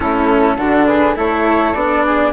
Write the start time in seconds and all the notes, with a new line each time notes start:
0.00 A3 C#4 E4 A4
0.56 D3 D4 F#4
0.86 G#4 B4
1.15 A3 E4 A4 C#5
1.74 B3 D4 D5
2.05 G#4